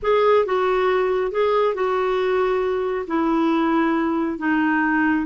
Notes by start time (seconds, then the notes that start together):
0.02 G#4
0.45 F#4
1.31 G#4
1.74 F#4
3.07 E4
4.38 D#4